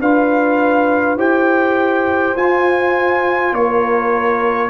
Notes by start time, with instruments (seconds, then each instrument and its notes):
0.00 tuba D4, trombone F4, horn B4, trumpet F5
1.16 tuba E4, trombone G4, horn C5, trumpet G5
2.36 tuba F4, trombone F4, trumpet G#5
3.52 tuba A#3, horn A#4, trumpet C#5